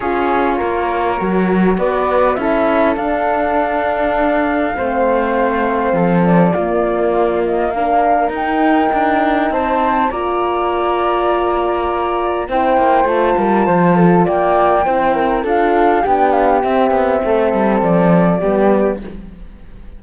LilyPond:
<<
  \new Staff \with { instrumentName = "flute" } { \time 4/4 \tempo 4 = 101 cis''2. d''4 | e''4 f''2.~ | f''2~ f''8 d''4.~ | d''8 dis''8 f''4 g''2 |
a''4 ais''2.~ | ais''4 g''4 a''2 | g''2 f''4 g''8 f''8 | e''2 d''2 | }
  \new Staff \with { instrumentName = "flute" } { \time 4/4 gis'4 ais'2 b'4 | a'1 | c''2 a'4 f'4~ | f'4 ais'2. |
c''4 d''2.~ | d''4 c''4. ais'8 c''8 a'8 | d''4 c''8 ais'8 a'4 g'4~ | g'4 a'2 g'4 | }
  \new Staff \with { instrumentName = "horn" } { \time 4/4 f'2 fis'2 | e'4 d'2. | c'2. ais4~ | ais4 d'4 dis'2~ |
dis'4 f'2.~ | f'4 e'4 f'2~ | f'4 e'4 f'4 d'4 | c'2. b4 | }
  \new Staff \with { instrumentName = "cello" } { \time 4/4 cis'4 ais4 fis4 b4 | cis'4 d'2. | a2 f4 ais4~ | ais2 dis'4 d'4 |
c'4 ais2.~ | ais4 c'8 ais8 a8 g8 f4 | ais4 c'4 d'4 b4 | c'8 b8 a8 g8 f4 g4 | }
>>